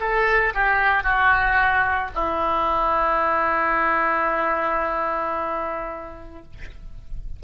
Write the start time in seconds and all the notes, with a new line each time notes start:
0.00 A4
0.54 G4
1.04 F#4
2.15 E4